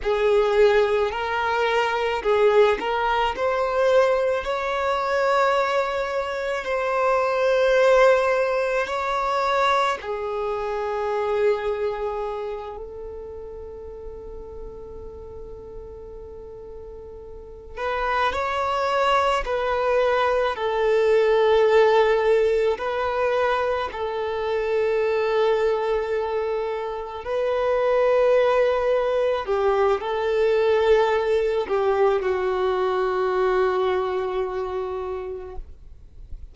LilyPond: \new Staff \with { instrumentName = "violin" } { \time 4/4 \tempo 4 = 54 gis'4 ais'4 gis'8 ais'8 c''4 | cis''2 c''2 | cis''4 gis'2~ gis'8 a'8~ | a'1 |
b'8 cis''4 b'4 a'4.~ | a'8 b'4 a'2~ a'8~ | a'8 b'2 g'8 a'4~ | a'8 g'8 fis'2. | }